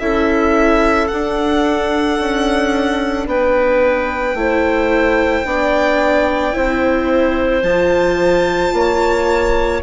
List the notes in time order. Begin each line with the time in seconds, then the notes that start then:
0.00 C#4 E4 A4 E5
1.08 D4 F#5
2.20 C#4
3.27 B3 B4 G5
4.34 A3 E4 C5
5.45 B3 D4 D5
6.53 C4 E4 C5
7.63 F3 F4 A5
8.73 A#3 C#5